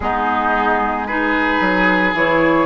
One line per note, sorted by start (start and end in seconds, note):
0.00 1.60 G#3
0.00 1.08 B3
0.00 1.07 D#4
0.00 1.06 G#4
1.06 2.15 D#4
1.06 2.66 G#4
1.06 2.14 B4
1.60 2.13 F#3
2.13 2.66 E3
2.13 2.66 E4
2.13 2.66 C#5